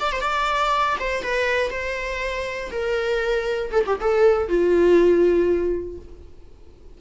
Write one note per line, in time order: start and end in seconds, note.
0.00 0.12 D5
0.12 0.21 C5
0.21 0.96 D5
1.00 1.23 C5
1.23 1.71 B4
1.71 2.71 C5
2.71 3.71 A#4
3.72 3.84 A4
3.86 3.99 G4
4.00 4.48 A4
4.48 5.98 F4